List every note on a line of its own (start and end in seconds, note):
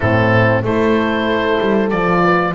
0.00 0.63 A2
0.00 0.63 C4
0.00 0.64 E4
0.00 0.61 A4
0.63 1.58 A3
0.63 1.91 E4
0.63 2.24 A4
0.63 1.90 C5
1.60 1.92 G3
1.90 2.54 F3
1.90 2.54 F4
1.90 2.54 D5
2.24 2.54 B4